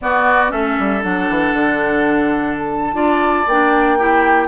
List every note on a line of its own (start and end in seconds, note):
0.01 0.49 B3
0.01 0.52 B3
0.01 0.51 F#4
0.01 0.51 D5
0.49 0.77 A3
0.49 1.00 C#4
0.49 2.95 A4
0.49 1.02 E5
0.78 1.04 G3
1.02 1.29 F#3
1.02 2.93 D4
1.02 2.57 F#5
1.29 1.53 E3
1.53 2.93 D3
2.58 3.48 A5
2.93 3.45 D4
2.93 3.44 F4
2.93 3.98 D5
3.46 4.47 A#3
3.46 3.98 D4
3.46 4.47 G5
3.98 4.47 E4
3.98 4.47 G4